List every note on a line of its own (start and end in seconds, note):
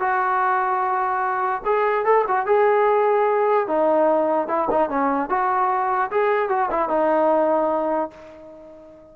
0.00 1.62 F#4
1.65 2.05 G#4
2.05 2.26 A4
2.28 2.46 F#4
2.46 3.68 G#4
3.68 4.48 D#4
4.48 4.68 E4
4.71 4.90 D#4
4.90 5.30 C#4
5.30 6.11 F#4
6.11 6.50 G#4
6.50 6.70 F#4
6.71 6.89 E4
6.89 8.11 D#4